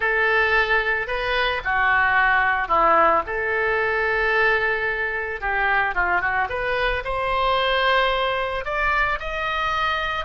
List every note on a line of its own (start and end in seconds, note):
0.00 1.07 A4
1.07 1.61 B4
1.64 2.68 F#4
2.68 3.22 E4
3.26 5.41 A4
5.41 5.95 G4
5.95 6.21 F4
6.21 6.48 F#4
6.49 7.03 B4
7.04 8.65 C5
8.65 9.19 D5
9.19 10.25 D#5